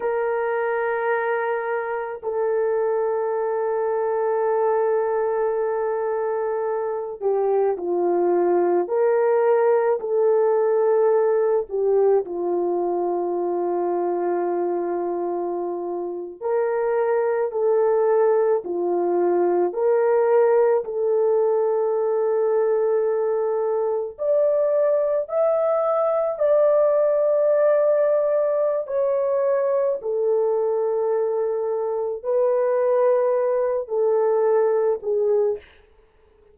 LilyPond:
\new Staff \with { instrumentName = "horn" } { \time 4/4 \tempo 4 = 54 ais'2 a'2~ | a'2~ a'8 g'8 f'4 | ais'4 a'4. g'8 f'4~ | f'2~ f'8. ais'4 a'16~ |
a'8. f'4 ais'4 a'4~ a'16~ | a'4.~ a'16 d''4 e''4 d''16~ | d''2 cis''4 a'4~ | a'4 b'4. a'4 gis'8 | }